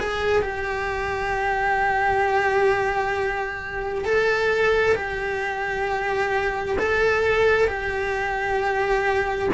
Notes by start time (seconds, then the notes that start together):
0.00 G#4
0.42 G4
4.05 A4
4.95 G4
6.79 A4
7.68 G4